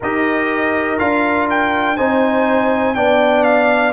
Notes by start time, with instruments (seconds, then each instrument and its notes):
0.00 tuba D#4, trombone G4, horn A#4, trumpet D#5
0.98 tuba D4, trombone F4, trumpet F5
1.50 trumpet G5
1.96 tuba C4, trombone D#4, horn C5, trumpet G#5
2.94 tuba B3, trombone D4, horn D5, trumpet G5
3.43 trumpet F5